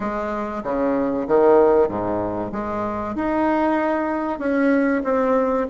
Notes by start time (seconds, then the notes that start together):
0.00 G#3
0.63 C#3
1.27 D#3
1.88 G#2
2.52 G#3
3.15 D#4
4.39 C#4
5.04 C4